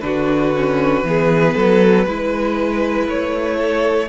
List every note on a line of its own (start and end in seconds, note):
0.00 1.03 D3
0.00 0.53 D4
0.00 1.07 F#4
0.00 3.05 B4
0.56 1.05 C#4
1.03 1.54 E3
1.03 2.07 B3
1.03 1.55 G#4
1.55 2.06 F#3
1.55 2.06 A4
2.06 3.07 G#3
2.06 4.09 E4
2.06 3.56 B4
3.07 4.09 A3
3.07 4.09 C#5
3.56 4.07 A4